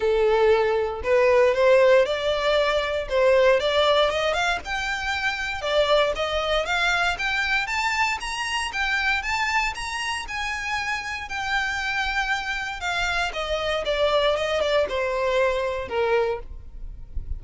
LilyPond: \new Staff \with { instrumentName = "violin" } { \time 4/4 \tempo 4 = 117 a'2 b'4 c''4 | d''2 c''4 d''4 | dis''8 f''8 g''2 d''4 | dis''4 f''4 g''4 a''4 |
ais''4 g''4 a''4 ais''4 | gis''2 g''2~ | g''4 f''4 dis''4 d''4 | dis''8 d''8 c''2 ais'4 | }